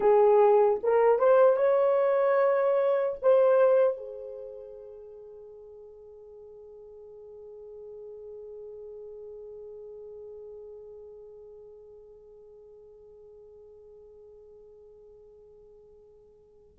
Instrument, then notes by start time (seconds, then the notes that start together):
horn
0.00 G#4
0.83 A#4
1.18 C5
1.56 C#5
3.22 C5
3.97 G#4